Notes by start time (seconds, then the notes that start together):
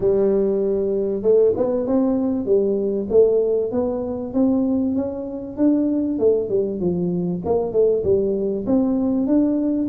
0.00 G3
1.22 A3
1.57 B3
1.86 C4
2.45 G3
3.10 A3
3.71 B3
4.33 C4
4.95 C#4
5.56 D4
6.19 A3
6.49 G3
6.80 F3
7.45 A#3
7.72 A3
8.03 G3
8.66 C4
9.26 D4